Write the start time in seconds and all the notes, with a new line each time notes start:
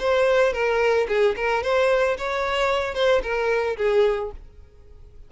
0.00 C5
0.53 A#4
1.09 G#4
1.37 A#4
1.63 C5
2.18 C#5
2.95 C5
3.23 A#4
3.77 G#4